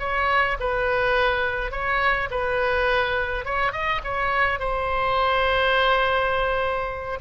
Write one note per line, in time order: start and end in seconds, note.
0.00 0.58 C#5
0.60 1.72 B4
1.72 2.29 C#5
2.31 3.45 B4
3.45 3.72 C#5
3.72 4.01 D#5
4.04 4.60 C#5
4.60 7.20 C5